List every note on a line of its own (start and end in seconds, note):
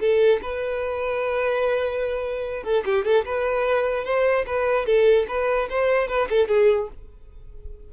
0.00 0.41 A4
0.42 2.64 B4
2.64 2.84 A4
2.85 3.05 G4
3.05 3.25 A4
3.26 4.05 B4
4.05 4.45 C5
4.47 4.86 B4
4.86 5.27 A4
5.28 5.69 B4
5.70 6.08 C5
6.08 6.29 B4
6.30 6.48 A4
6.48 6.89 G#4